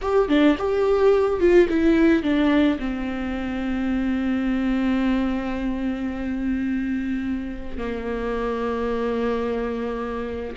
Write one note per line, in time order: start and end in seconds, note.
0.01 0.28 G4
0.28 0.56 D4
0.58 1.39 G4
1.39 1.67 F4
1.69 2.22 E4
2.22 2.78 D4
2.79 7.77 C4
7.77 10.55 A#3